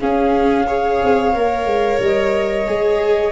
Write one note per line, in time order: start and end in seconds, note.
0.00 0.67 C#4
0.00 1.03 C#4
0.00 0.67 G#4
0.00 2.01 F5
0.67 1.34 G#4
0.67 3.32 C#5
1.03 1.34 C4
1.34 1.65 A#3
1.34 2.68 A#4
1.65 1.99 G#3
2.00 2.66 G3
2.00 3.32 D#5
2.68 3.32 G#3
2.68 3.32 G#4